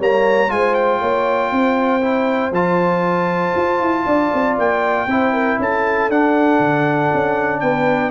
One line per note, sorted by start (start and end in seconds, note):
0.00 0.51 G3
0.00 0.49 A#3
0.00 0.51 C#5
0.00 0.51 A#5
0.49 1.02 G#3
0.49 2.01 F4
0.49 1.00 C5
0.49 0.75 G#5
0.75 2.53 G5
1.00 1.52 A#3
1.00 1.51 C#5
1.52 2.52 C4
1.52 4.07 C5
2.02 2.53 E4
2.52 3.54 F3
2.52 5.09 F4
2.52 4.58 A5
3.57 3.80 F4
3.80 4.06 E4
4.06 4.32 D4
4.06 5.08 D5
4.34 4.59 C4
4.59 5.08 A#3
4.59 5.61 G5
5.08 5.58 C4
5.08 6.11 E4
5.08 5.33 C5
5.33 5.59 A#4
5.60 6.10 C#4
5.60 7.62 A4
5.60 6.11 A5
6.10 6.60 D4
6.10 8.11 D4
6.10 7.61 F#5
6.60 7.10 D3
7.14 7.62 C#4
7.61 8.11 B3
7.61 8.11 B4
7.61 8.11 G5